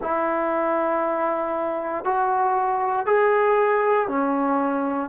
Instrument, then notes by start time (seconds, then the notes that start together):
trombone
0.01 E4
2.04 F#4
3.06 G#4
4.07 C#4